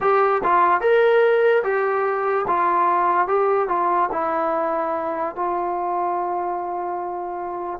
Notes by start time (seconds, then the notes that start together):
0.00 G4
0.43 F4
0.80 A#4
1.63 G4
2.47 F4
3.27 G4
3.68 F4
4.12 E4
5.35 F4